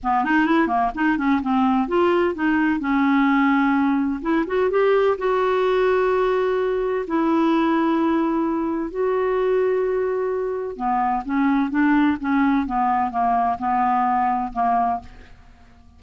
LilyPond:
\new Staff \with { instrumentName = "clarinet" } { \time 4/4 \tempo 4 = 128 b8 dis'8 e'8 ais8 dis'8 cis'8 c'4 | f'4 dis'4 cis'2~ | cis'4 e'8 fis'8 g'4 fis'4~ | fis'2. e'4~ |
e'2. fis'4~ | fis'2. b4 | cis'4 d'4 cis'4 b4 | ais4 b2 ais4 | }